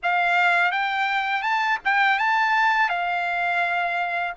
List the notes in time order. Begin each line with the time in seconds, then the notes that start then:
0.03 F5
0.71 G5
1.42 A5
1.84 G5
2.18 A5
2.89 F5